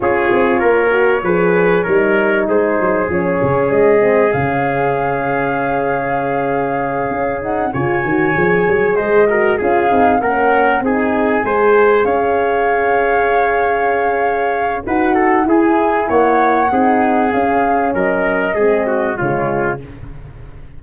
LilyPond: <<
  \new Staff \with { instrumentName = "flute" } { \time 4/4 \tempo 4 = 97 cis''1 | c''4 cis''4 dis''4 f''4~ | f''1 | fis''8 gis''2 dis''4 f''8~ |
f''8 fis''4 gis''2 f''8~ | f''1 | fis''4 gis''4 fis''2 | f''4 dis''2 cis''4 | }
  \new Staff \with { instrumentName = "trumpet" } { \time 4/4 gis'4 ais'4 b'4 ais'4 | gis'1~ | gis'1~ | gis'8 cis''2 c''8 ais'8 gis'8~ |
gis'8 ais'4 gis'4 c''4 cis''8~ | cis''1 | b'8 a'8 gis'4 cis''4 gis'4~ | gis'4 ais'4 gis'8 fis'8 f'4 | }
  \new Staff \with { instrumentName = "horn" } { \time 4/4 f'4. fis'8 gis'4 dis'4~ | dis'4 cis'4. c'8 cis'4~ | cis'1 | dis'8 f'8 fis'8 gis'4. fis'8 f'8 |
dis'8 cis'4 dis'4 gis'4.~ | gis'1 | fis'4 e'2 dis'4 | cis'2 c'4 gis4 | }
  \new Staff \with { instrumentName = "tuba" } { \time 4/4 cis'8 c'8 ais4 f4 g4 | gis8 fis8 f8 cis8 gis4 cis4~ | cis2.~ cis8 cis'8~ | cis'8 cis8 dis8 f8 fis8 gis4 cis'8 |
c'8 ais4 c'4 gis4 cis'8~ | cis'1 | dis'4 e'4 ais4 c'4 | cis'4 fis4 gis4 cis4 | }
>>